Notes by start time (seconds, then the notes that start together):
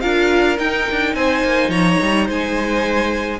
0.00 D4 F4 A#4 F5
0.56 D#4 G5
0.91 D4
1.14 C4 C5 G#5
1.44 A#3
1.68 F3 C#5 A#5
2.02 G3
2.25 G#3 C5 G#5